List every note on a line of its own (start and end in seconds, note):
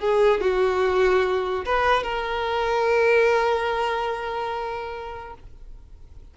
0.00 0.41 G#4
0.41 1.65 F#4
1.66 2.04 B4
2.04 5.35 A#4